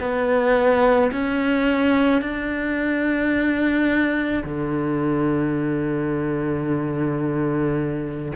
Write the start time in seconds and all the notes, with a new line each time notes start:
0.00 B3
1.12 C#4
2.21 D4
4.44 D3